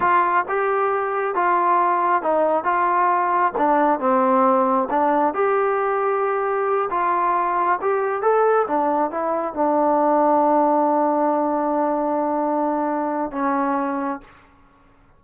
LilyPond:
\new Staff \with { instrumentName = "trombone" } { \time 4/4 \tempo 4 = 135 f'4 g'2 f'4~ | f'4 dis'4 f'2 | d'4 c'2 d'4 | g'2.~ g'8 f'8~ |
f'4. g'4 a'4 d'8~ | d'8 e'4 d'2~ d'8~ | d'1~ | d'2 cis'2 | }